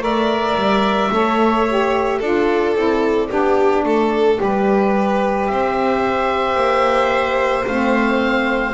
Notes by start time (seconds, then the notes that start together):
0.00 A3 A#4 D5 E5
0.55 G3
1.11 A3 A4 C#5
1.68 G4
2.18 D4 F4 A4 D5
2.75 C4 E4
3.28 B3 D4 G4
3.84 A3 A4
4.35 G3 G4
4.43 B4
5.47 C4 C5 E5
6.55 A#3
7.67 A3 C4 F5